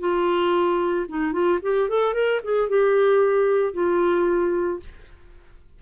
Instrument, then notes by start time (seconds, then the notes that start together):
clarinet
0.00 F4
1.09 D#4
1.33 F4
1.62 G4
1.89 A4
2.14 A#4
2.44 G#4
2.69 G4
3.73 F4